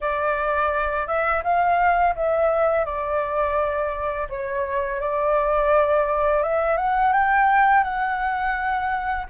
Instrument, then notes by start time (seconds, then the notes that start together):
flute
0.00 D5
1.07 E5
1.43 F5
2.15 E5
2.85 D5
4.29 C#5
5.00 D5
6.42 E5
6.77 F#5
7.12 G5
7.83 F#5